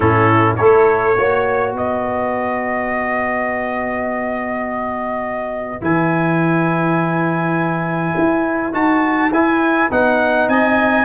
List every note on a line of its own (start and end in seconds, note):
0.00 0.58 A2
0.00 0.58 C#4
0.00 0.58 E4
0.00 0.55 A4
0.56 1.17 A3
0.56 1.16 E4
0.56 1.17 A4
0.56 1.73 C#5
1.16 1.73 A#3
1.16 5.81 F#4
1.16 1.74 C#5
1.73 5.81 B3
1.73 10.48 B4
1.73 5.83 D#5
5.81 8.14 E3
5.81 8.72 E4
5.81 8.73 G#5
8.17 8.73 E4
8.72 9.30 D#4
8.72 9.31 F#4
8.72 9.32 A5
9.30 9.89 E4
9.30 9.90 E4
9.30 9.91 G#5
9.90 10.47 B3
9.90 11.04 D#4
9.90 10.49 F#5
10.47 11.04 C4
10.47 11.04 D#5
10.47 11.04 G#5